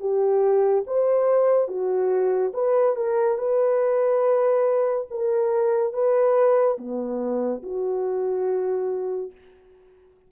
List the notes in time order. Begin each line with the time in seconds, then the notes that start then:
0.00 G4
0.87 C5
1.68 F#4
2.54 B4
2.96 A#4
3.38 B4
5.10 A#4
5.93 B4
6.78 B3
7.63 F#4